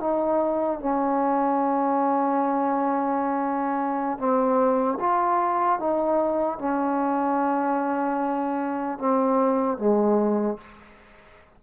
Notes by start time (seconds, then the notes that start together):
0.00 D#4
0.80 C#4
4.19 C4
5.00 F4
5.80 D#4
6.59 C#4
8.99 C4
9.78 G#3